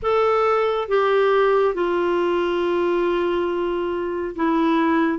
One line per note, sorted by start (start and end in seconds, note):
0.02 0.88 A4
0.88 1.74 G4
1.74 4.35 F4
4.35 5.18 E4